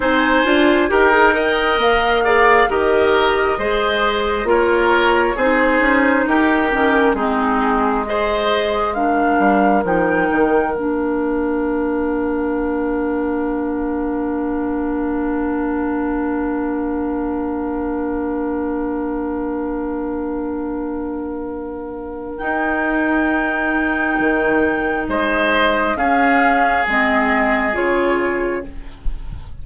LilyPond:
<<
  \new Staff \with { instrumentName = "flute" } { \time 4/4 \tempo 4 = 67 gis''4 g''4 f''4 dis''4~ | dis''4 cis''4 c''4 ais'4 | gis'4 dis''4 f''4 g''4 | f''1~ |
f''1~ | f''1~ | f''4 g''2. | dis''4 f''4 dis''4 cis''4 | }
  \new Staff \with { instrumentName = "oboe" } { \time 4/4 c''4 ais'8 dis''4 d''8 ais'4 | c''4 ais'4 gis'4 g'4 | dis'4 c''4 ais'2~ | ais'1~ |
ais'1~ | ais'1~ | ais'1 | c''4 gis'2. | }
  \new Staff \with { instrumentName = "clarinet" } { \time 4/4 dis'8 f'8 g'16 gis'16 ais'4 gis'8 g'4 | gis'4 f'4 dis'4. cis'8 | c'4 gis'4 d'4 dis'4 | d'1~ |
d'1~ | d'1~ | d'4 dis'2.~ | dis'4 cis'4 c'4 f'4 | }
  \new Staff \with { instrumentName = "bassoon" } { \time 4/4 c'8 d'8 dis'4 ais4 dis4 | gis4 ais4 c'8 cis'8 dis'8 dis8 | gis2~ gis8 g8 f8 dis8 | ais1~ |
ais1~ | ais1~ | ais4 dis'2 dis4 | gis4 cis'4 gis4 cis4 | }
>>